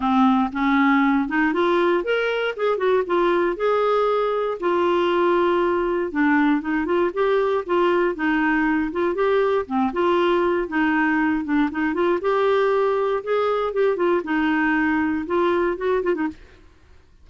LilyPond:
\new Staff \with { instrumentName = "clarinet" } { \time 4/4 \tempo 4 = 118 c'4 cis'4. dis'8 f'4 | ais'4 gis'8 fis'8 f'4 gis'4~ | gis'4 f'2. | d'4 dis'8 f'8 g'4 f'4 |
dis'4. f'8 g'4 c'8 f'8~ | f'4 dis'4. d'8 dis'8 f'8 | g'2 gis'4 g'8 f'8 | dis'2 f'4 fis'8 f'16 dis'16 | }